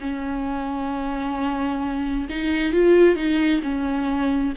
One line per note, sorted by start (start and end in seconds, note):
0.00 2.27 C#4
2.29 2.72 D#4
2.72 3.15 F4
3.15 3.61 D#4
3.62 4.53 C#4